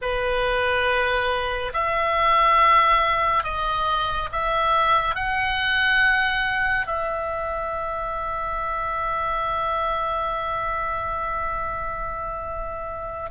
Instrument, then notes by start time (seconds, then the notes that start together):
oboe
0.01 B4
1.73 E5
3.43 D#5
4.32 E5
5.15 F#5
6.86 E5